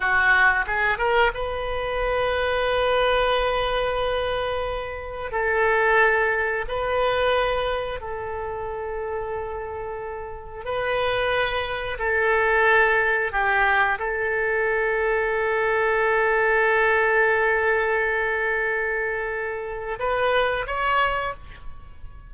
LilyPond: \new Staff \with { instrumentName = "oboe" } { \time 4/4 \tempo 4 = 90 fis'4 gis'8 ais'8 b'2~ | b'1 | a'2 b'2 | a'1 |
b'2 a'2 | g'4 a'2.~ | a'1~ | a'2 b'4 cis''4 | }